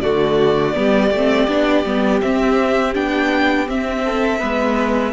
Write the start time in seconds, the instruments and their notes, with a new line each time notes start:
0.00 cello D3, viola A3, violin F#4 D5
0.74 cello G3, viola B3, violin G4
1.11 cello A3, viola C4
1.48 cello B3, viola D4
1.85 cello G3, viola B3
2.21 viola C4, cello C4, violin E5
2.94 cello B3, viola D4, violin G5
3.66 viola C4, cello C4, violin E5
4.04 violin A4
4.39 cello G#3, viola B3, violin B4